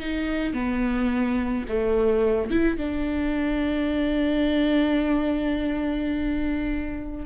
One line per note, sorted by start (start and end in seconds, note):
0.00 0.54 D#4
0.54 1.66 B3
1.69 2.51 A3
2.51 2.78 E4
2.78 7.26 D4